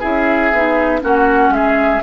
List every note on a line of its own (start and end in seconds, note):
0.00 0.52 C#4
0.00 0.52 E4
0.00 1.00 G#4
0.00 1.02 E5
0.52 1.02 B3
0.52 1.01 D#4
1.01 1.49 A#3
1.01 2.01 C#4
1.01 1.54 F#4
1.01 1.53 F#5
1.49 1.99 G#3
1.49 2.03 G#4
1.49 2.03 E5